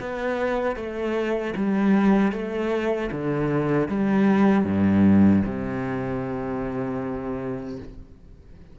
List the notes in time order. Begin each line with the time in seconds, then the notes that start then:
0.00 B3
0.76 A3
1.56 G3
2.32 A3
3.11 D3
3.88 G3
4.64 G2
5.45 C3